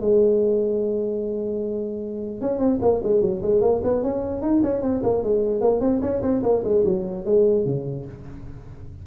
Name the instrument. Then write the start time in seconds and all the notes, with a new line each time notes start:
tuba
0.00 G#3
2.41 C#4
2.58 C4
2.81 A#3
3.03 G#3
3.21 F#3
3.42 G#3
3.61 A#3
3.83 B3
4.02 C#4
4.41 D#4
4.63 C#4
4.82 C4
5.03 A#3
5.23 G#3
5.60 A#3
5.80 C4
6.01 C#4
6.22 C4
6.43 A#3
6.64 G#3
6.85 F#3
7.25 G#3
7.65 C#3